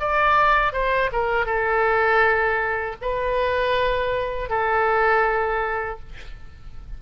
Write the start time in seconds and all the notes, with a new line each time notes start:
0.00 D5
0.73 C5
1.12 A#4
1.46 A4
3.02 B4
4.50 A4